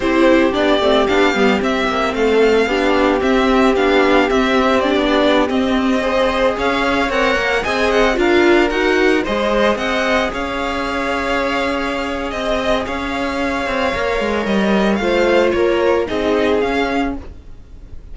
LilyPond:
<<
  \new Staff \with { instrumentName = "violin" } { \time 4/4 \tempo 4 = 112 c''4 d''4 f''4 e''4 | f''2 e''4 f''4 | e''4 d''4~ d''16 dis''4.~ dis''16~ | dis''16 f''4 fis''4 gis''8 fis''8 f''8.~ |
f''16 fis''4 dis''4 fis''4 f''8.~ | f''2. dis''4 | f''2. dis''4 | f''4 cis''4 dis''4 f''4 | }
  \new Staff \with { instrumentName = "violin" } { \time 4/4 g'1 | a'4 g'2.~ | g'2.~ g'16 c''8.~ | c''16 cis''2 dis''4 ais'8.~ |
ais'4~ ais'16 c''4 dis''4 cis''8.~ | cis''2. dis''4 | cis''1 | c''4 ais'4 gis'2 | }
  \new Staff \with { instrumentName = "viola" } { \time 4/4 e'4 d'8 c'8 d'8 b8 c'4~ | c'4 d'4 c'4 d'4 | c'4 d'4~ d'16 c'4 gis'8.~ | gis'4~ gis'16 ais'4 gis'4 f'8.~ |
f'16 fis'4 gis'2~ gis'8.~ | gis'1~ | gis'2 ais'2 | f'2 dis'4 cis'4 | }
  \new Staff \with { instrumentName = "cello" } { \time 4/4 c'4 b8 a8 b8 g8 c'8 ais8 | a4 b4 c'4 b4 | c'4~ c'16 b4 c'4.~ c'16~ | c'16 cis'4 c'8 ais8 c'4 d'8.~ |
d'16 dis'4 gis4 c'4 cis'8.~ | cis'2. c'4 | cis'4. c'8 ais8 gis8 g4 | a4 ais4 c'4 cis'4 | }
>>